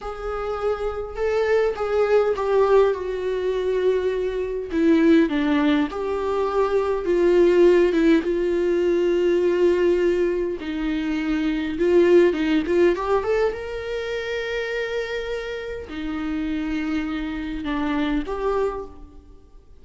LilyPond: \new Staff \with { instrumentName = "viola" } { \time 4/4 \tempo 4 = 102 gis'2 a'4 gis'4 | g'4 fis'2. | e'4 d'4 g'2 | f'4. e'8 f'2~ |
f'2 dis'2 | f'4 dis'8 f'8 g'8 a'8 ais'4~ | ais'2. dis'4~ | dis'2 d'4 g'4 | }